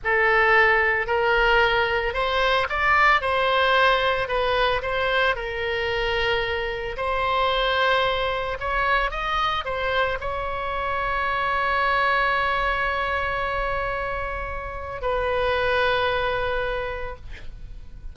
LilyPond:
\new Staff \with { instrumentName = "oboe" } { \time 4/4 \tempo 4 = 112 a'2 ais'2 | c''4 d''4 c''2 | b'4 c''4 ais'2~ | ais'4 c''2. |
cis''4 dis''4 c''4 cis''4~ | cis''1~ | cis''1 | b'1 | }